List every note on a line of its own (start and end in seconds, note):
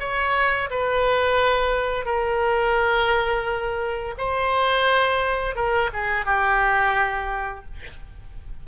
0.00 0.70 C#5
0.70 2.06 B4
2.06 4.15 A#4
4.18 5.56 C5
5.56 5.90 A#4
5.93 6.26 G#4
6.26 7.65 G4